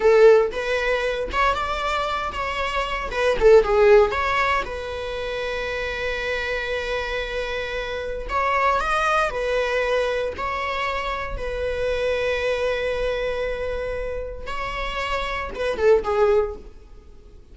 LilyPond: \new Staff \with { instrumentName = "viola" } { \time 4/4 \tempo 4 = 116 a'4 b'4. cis''8 d''4~ | d''8 cis''4. b'8 a'8 gis'4 | cis''4 b'2.~ | b'1 |
cis''4 dis''4 b'2 | cis''2 b'2~ | b'1 | cis''2 b'8 a'8 gis'4 | }